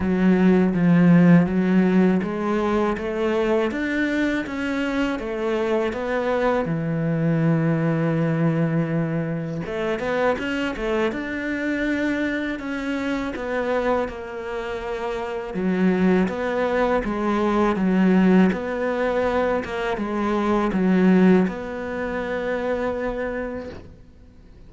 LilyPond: \new Staff \with { instrumentName = "cello" } { \time 4/4 \tempo 4 = 81 fis4 f4 fis4 gis4 | a4 d'4 cis'4 a4 | b4 e2.~ | e4 a8 b8 cis'8 a8 d'4~ |
d'4 cis'4 b4 ais4~ | ais4 fis4 b4 gis4 | fis4 b4. ais8 gis4 | fis4 b2. | }